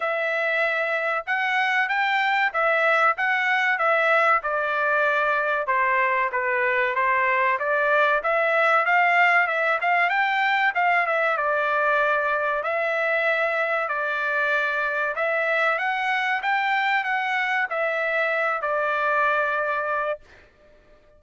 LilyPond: \new Staff \with { instrumentName = "trumpet" } { \time 4/4 \tempo 4 = 95 e''2 fis''4 g''4 | e''4 fis''4 e''4 d''4~ | d''4 c''4 b'4 c''4 | d''4 e''4 f''4 e''8 f''8 |
g''4 f''8 e''8 d''2 | e''2 d''2 | e''4 fis''4 g''4 fis''4 | e''4. d''2~ d''8 | }